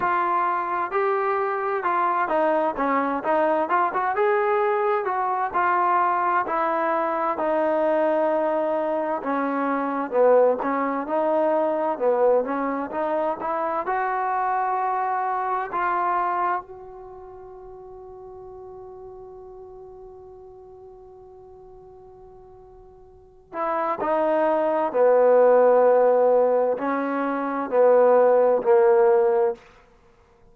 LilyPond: \new Staff \with { instrumentName = "trombone" } { \time 4/4 \tempo 4 = 65 f'4 g'4 f'8 dis'8 cis'8 dis'8 | f'16 fis'16 gis'4 fis'8 f'4 e'4 | dis'2 cis'4 b8 cis'8 | dis'4 b8 cis'8 dis'8 e'8 fis'4~ |
fis'4 f'4 fis'2~ | fis'1~ | fis'4. e'8 dis'4 b4~ | b4 cis'4 b4 ais4 | }